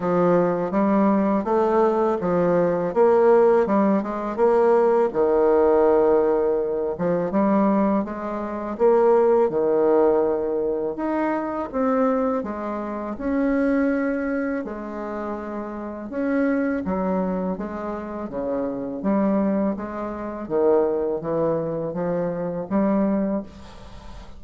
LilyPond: \new Staff \with { instrumentName = "bassoon" } { \time 4/4 \tempo 4 = 82 f4 g4 a4 f4 | ais4 g8 gis8 ais4 dis4~ | dis4. f8 g4 gis4 | ais4 dis2 dis'4 |
c'4 gis4 cis'2 | gis2 cis'4 fis4 | gis4 cis4 g4 gis4 | dis4 e4 f4 g4 | }